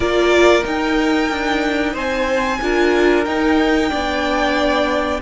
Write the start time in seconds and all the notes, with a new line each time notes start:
0.00 A#3 F4 A#4 D5
0.62 D#4 G5
1.30 D4
1.93 C4 C5 G#5
2.61 D4 F4 A#4
3.24 D#4 G5
3.90 B3 D4 D5